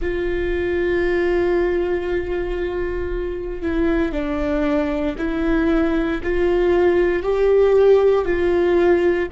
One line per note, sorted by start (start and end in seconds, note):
0.01 3.62 F4
3.62 4.11 E4
4.11 5.15 D4
5.17 6.21 E4
6.23 7.22 F4
7.22 8.25 G4
8.25 9.28 F4